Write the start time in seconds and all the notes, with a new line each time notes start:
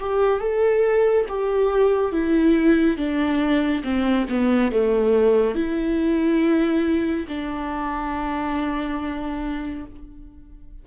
0.00 G4
0.41 A4
1.29 G4
2.12 E4
2.98 D4
3.84 C4
4.29 B3
4.72 A3
5.55 E4
7.29 D4